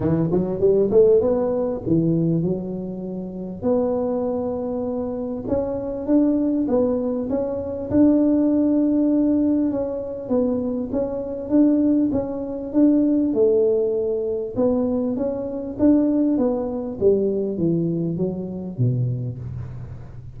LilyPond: \new Staff \with { instrumentName = "tuba" } { \time 4/4 \tempo 4 = 99 e8 fis8 g8 a8 b4 e4 | fis2 b2~ | b4 cis'4 d'4 b4 | cis'4 d'2. |
cis'4 b4 cis'4 d'4 | cis'4 d'4 a2 | b4 cis'4 d'4 b4 | g4 e4 fis4 b,4 | }